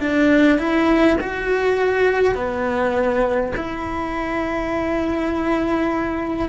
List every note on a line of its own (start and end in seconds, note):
0.00 0.58 D4
0.58 1.17 E4
1.20 2.35 F#4
2.35 3.52 B3
3.57 6.49 E4